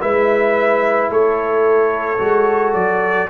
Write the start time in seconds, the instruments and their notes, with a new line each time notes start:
0.00 tuba G#3, trombone E4, horn B4, trumpet E5
1.10 tuba A3, horn A4, trumpet C#5
2.18 tuba G#3, trombone F#4
2.74 tuba F#3, trumpet D5